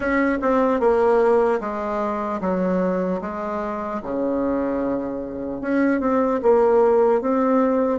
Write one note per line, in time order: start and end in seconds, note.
0.00 0.38 C#4
0.41 0.80 C4
0.80 1.60 A#3
1.60 2.40 G#3
2.40 3.20 F#3
3.21 4.01 G#3
4.03 5.61 C#3
5.61 6.00 C#4
6.00 6.40 C4
6.42 7.21 A#3
7.21 7.99 C4